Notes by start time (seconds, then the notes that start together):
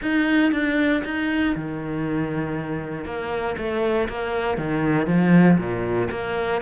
0.02 D#4
0.52 D4
1.04 D#4
1.55 D#3
3.05 A#3
3.57 A3
4.08 A#3
4.57 D#3
5.06 F3
5.57 A#2
6.10 A#3